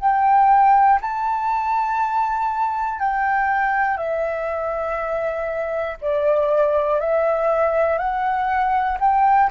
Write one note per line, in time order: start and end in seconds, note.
0.00 1.00 G5
1.00 2.99 A5
2.99 3.97 G5
3.97 5.97 E5
6.00 7.00 D5
7.00 7.98 E5
7.98 8.98 F#5
9.00 9.50 G5